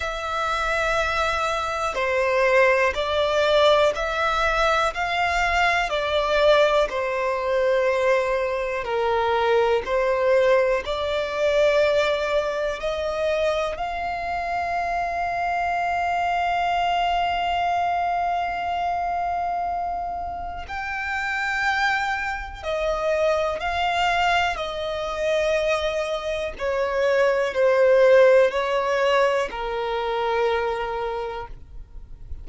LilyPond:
\new Staff \with { instrumentName = "violin" } { \time 4/4 \tempo 4 = 61 e''2 c''4 d''4 | e''4 f''4 d''4 c''4~ | c''4 ais'4 c''4 d''4~ | d''4 dis''4 f''2~ |
f''1~ | f''4 g''2 dis''4 | f''4 dis''2 cis''4 | c''4 cis''4 ais'2 | }